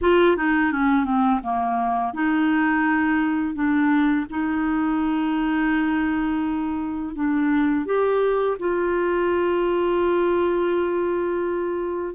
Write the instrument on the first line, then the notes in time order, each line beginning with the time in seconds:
clarinet
0.01 F4
0.36 D#4
0.71 C#4
1.04 C4
1.43 A#3
2.13 D#4
3.54 D4
4.30 D#4
7.15 D4
7.85 G4
8.59 F4